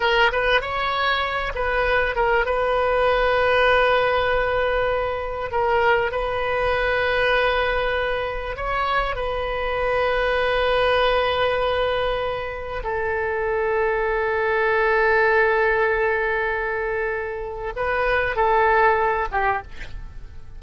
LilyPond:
\new Staff \with { instrumentName = "oboe" } { \time 4/4 \tempo 4 = 98 ais'8 b'8 cis''4. b'4 ais'8 | b'1~ | b'4 ais'4 b'2~ | b'2 cis''4 b'4~ |
b'1~ | b'4 a'2.~ | a'1~ | a'4 b'4 a'4. g'8 | }